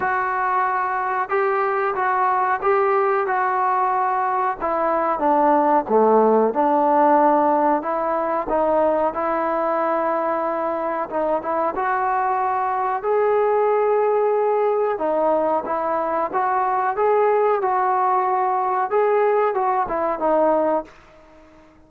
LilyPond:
\new Staff \with { instrumentName = "trombone" } { \time 4/4 \tempo 4 = 92 fis'2 g'4 fis'4 | g'4 fis'2 e'4 | d'4 a4 d'2 | e'4 dis'4 e'2~ |
e'4 dis'8 e'8 fis'2 | gis'2. dis'4 | e'4 fis'4 gis'4 fis'4~ | fis'4 gis'4 fis'8 e'8 dis'4 | }